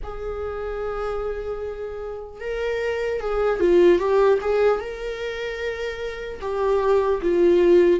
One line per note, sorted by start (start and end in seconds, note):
0.03 2.40 G#4
2.40 3.20 A#4
3.20 3.60 G#4
3.60 3.99 F4
3.99 4.39 G4
4.41 4.80 G#4
4.80 6.40 A#4
6.41 7.21 G4
7.21 8.00 F4